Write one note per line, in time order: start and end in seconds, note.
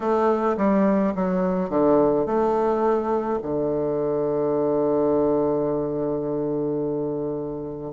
0.00 0.56 A3
0.57 1.13 G3
1.15 1.69 F#3
1.69 2.26 D3
2.26 3.39 A3
3.42 7.92 D3